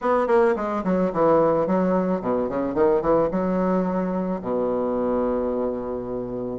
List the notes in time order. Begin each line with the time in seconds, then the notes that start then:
0.01 B3
0.27 A#3
0.56 G#3
0.84 F#3
1.13 E3
1.66 F#3
2.21 B2
2.48 C#3
2.74 D#3
3.01 E3
3.31 F#3
4.41 B2